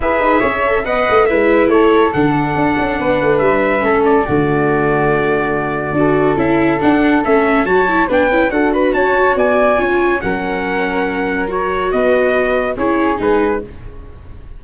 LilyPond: <<
  \new Staff \with { instrumentName = "trumpet" } { \time 4/4 \tempo 4 = 141 e''2 fis''4 e''4 | cis''4 fis''2. | e''4. d''2~ d''8~ | d''2. e''4 |
fis''4 e''4 a''4 g''4 | fis''8 b''8 a''4 gis''2 | fis''2. cis''4 | dis''2 cis''4 b'4 | }
  \new Staff \with { instrumentName = "flute" } { \time 4/4 b'4 cis''4 dis''4 b'4 | a'2. b'4~ | b'4 a'4 fis'2~ | fis'2 a'2~ |
a'2 cis''4 b'4 | a'8 b'8 cis''4 d''4 cis''4 | ais'1 | b'2 gis'2 | }
  \new Staff \with { instrumentName = "viola" } { \time 4/4 gis'4. a'8 b'4 e'4~ | e'4 d'2.~ | d'4 cis'4 a2~ | a2 fis'4 e'4 |
d'4 cis'4 fis'8 e'8 d'8 e'8 | fis'2. f'4 | cis'2. fis'4~ | fis'2 e'4 dis'4 | }
  \new Staff \with { instrumentName = "tuba" } { \time 4/4 e'8 dis'8 cis'4 b8 a8 gis4 | a4 d4 d'8 cis'8 b8 a8 | g4 a4 d2~ | d2 d'4 cis'4 |
d'4 a4 fis4 b8 cis'8 | d'4 cis'4 b4 cis'4 | fis1 | b2 cis'4 gis4 | }
>>